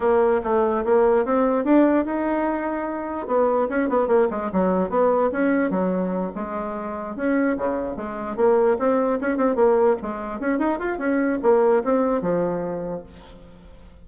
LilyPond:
\new Staff \with { instrumentName = "bassoon" } { \time 4/4 \tempo 4 = 147 ais4 a4 ais4 c'4 | d'4 dis'2. | b4 cis'8 b8 ais8 gis8 fis4 | b4 cis'4 fis4. gis8~ |
gis4. cis'4 cis4 gis8~ | gis8 ais4 c'4 cis'8 c'8 ais8~ | ais8 gis4 cis'8 dis'8 f'8 cis'4 | ais4 c'4 f2 | }